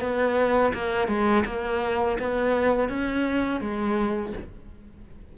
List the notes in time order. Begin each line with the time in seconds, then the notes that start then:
0.00 B3
0.74 A#3
1.08 G#3
1.46 A#3
2.19 B3
2.88 C#4
3.60 G#3